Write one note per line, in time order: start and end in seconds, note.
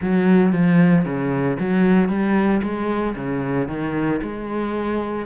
0.01 0.52 F#3
0.52 1.05 F3
1.05 1.57 C#3
1.59 2.08 F#3
2.08 2.61 G3
2.62 3.15 G#3
3.15 3.68 C#3
3.68 4.20 D#3
4.22 5.26 G#3